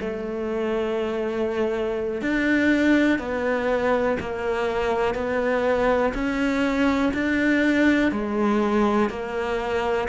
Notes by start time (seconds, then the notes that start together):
0.00 A3
2.21 D4
3.19 B3
4.20 A#3
5.14 B3
6.14 C#4
7.14 D4
8.11 G#3
9.10 A#3